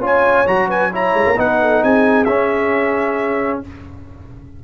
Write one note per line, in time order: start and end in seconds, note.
0.00 0.45 C#4
0.00 0.46 F4
0.00 0.68 C#5
0.06 0.47 G#5
0.47 1.14 F#3
0.47 0.92 F#4
0.47 0.70 A#5
0.68 0.91 B4
0.68 0.93 G#5
0.93 1.36 E4
0.93 1.38 C#5
0.93 1.40 A#5
1.14 1.26 G#3
1.26 1.37 A#3
1.36 1.84 B3
1.36 2.27 D#4
1.36 1.61 B4
1.36 1.84 F#5
1.61 1.84 A4
1.84 2.27 C4
1.84 3.64 G#4
1.84 2.25 G#5
2.25 3.62 C#4
2.25 3.64 C#4
2.25 3.60 E5